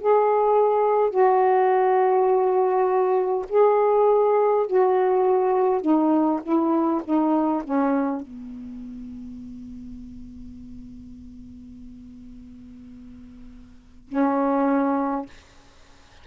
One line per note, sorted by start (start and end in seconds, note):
0.00 1.10 G#4
1.10 3.45 F#4
3.49 4.67 G#4
4.67 5.82 F#4
5.82 6.41 D#4
6.43 7.02 E4
7.04 7.63 D#4
7.64 8.21 C#4
8.21 14.09 B3
14.09 15.26 C#4